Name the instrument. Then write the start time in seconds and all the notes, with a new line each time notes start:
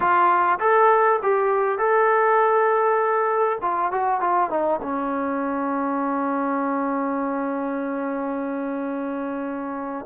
trombone
0.00 F4
0.59 A4
1.22 G4
1.78 A4
3.61 F4
3.91 F#4
4.20 F4
4.49 D#4
4.82 C#4